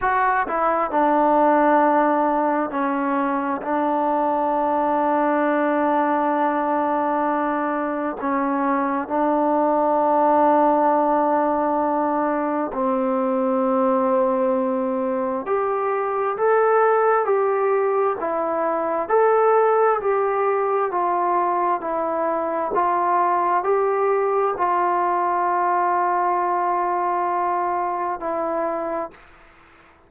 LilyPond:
\new Staff \with { instrumentName = "trombone" } { \time 4/4 \tempo 4 = 66 fis'8 e'8 d'2 cis'4 | d'1~ | d'4 cis'4 d'2~ | d'2 c'2~ |
c'4 g'4 a'4 g'4 | e'4 a'4 g'4 f'4 | e'4 f'4 g'4 f'4~ | f'2. e'4 | }